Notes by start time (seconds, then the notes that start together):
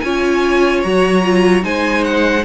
0.00 C#4 F4 C#5 G#5
0.83 F#3 F#4 A#5
1.22 F4
1.62 G#3 D#4 C5 G#5
2.04 F#5